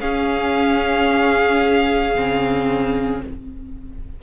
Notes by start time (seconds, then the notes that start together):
0.00 C#4 G#4 F5
2.15 C#3 C4